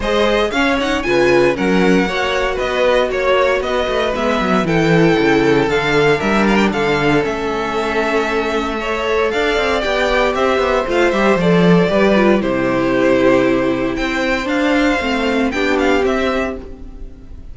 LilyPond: <<
  \new Staff \with { instrumentName = "violin" } { \time 4/4 \tempo 4 = 116 dis''4 f''8 fis''8 gis''4 fis''4~ | fis''4 dis''4 cis''4 dis''4 | e''4 g''2 f''4 | e''8 f''16 g''16 f''4 e''2~ |
e''2 f''4 g''4 | e''4 f''8 e''8 d''2 | c''2. g''4 | f''2 g''8 f''8 e''4 | }
  \new Staff \with { instrumentName = "violin" } { \time 4/4 c''4 cis''4 b'4 ais'4 | cis''4 b'4 cis''4 b'4~ | b'4 a'2. | ais'4 a'2.~ |
a'4 cis''4 d''2 | c''2. b'4 | g'2. c''4~ | c''2 g'2 | }
  \new Staff \with { instrumentName = "viola" } { \time 4/4 gis'4 cis'8 dis'8 f'4 cis'4 | fis'1 | b4 e'2 d'4~ | d'2 cis'2~ |
cis'4 a'2 g'4~ | g'4 f'8 g'8 a'4 g'8 f'8 | e'1 | d'4 c'4 d'4 c'4 | }
  \new Staff \with { instrumentName = "cello" } { \time 4/4 gis4 cis'4 cis4 fis4 | ais4 b4 ais4 b8 a8 | gis8 fis8 e4 cis4 d4 | g4 d4 a2~ |
a2 d'8 c'8 b4 | c'8 b8 a8 g8 f4 g4 | c2. c'4 | d'4 a4 b4 c'4 | }
>>